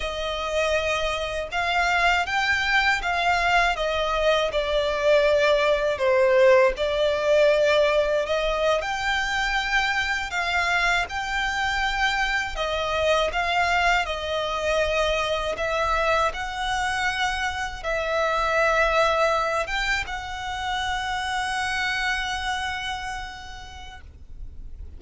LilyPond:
\new Staff \with { instrumentName = "violin" } { \time 4/4 \tempo 4 = 80 dis''2 f''4 g''4 | f''4 dis''4 d''2 | c''4 d''2 dis''8. g''16~ | g''4.~ g''16 f''4 g''4~ g''16~ |
g''8. dis''4 f''4 dis''4~ dis''16~ | dis''8. e''4 fis''2 e''16~ | e''2~ e''16 g''8 fis''4~ fis''16~ | fis''1 | }